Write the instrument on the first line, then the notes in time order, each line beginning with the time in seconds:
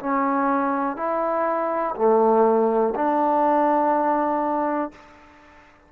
trombone
0.00 C#4
0.96 E4
1.95 A3
2.95 D4